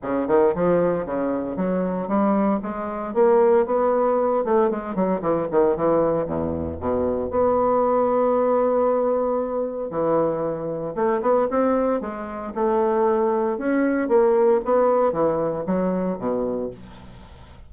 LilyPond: \new Staff \with { instrumentName = "bassoon" } { \time 4/4 \tempo 4 = 115 cis8 dis8 f4 cis4 fis4 | g4 gis4 ais4 b4~ | b8 a8 gis8 fis8 e8 dis8 e4 | e,4 b,4 b2~ |
b2. e4~ | e4 a8 b8 c'4 gis4 | a2 cis'4 ais4 | b4 e4 fis4 b,4 | }